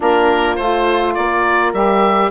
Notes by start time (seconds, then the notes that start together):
0.00 A#3 D4 F4 A#4
0.56 A3 F4 C5
1.14 A#3 A#4 D5
1.73 G3 G4 E5